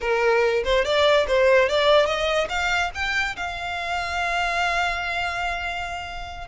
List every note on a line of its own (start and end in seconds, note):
0.01 0.63 A#4
0.64 0.84 C5
0.84 1.26 D5
1.27 1.68 C5
1.68 2.05 D5
2.05 2.47 D#5
2.49 2.90 F5
2.94 3.36 G5
3.36 6.47 F5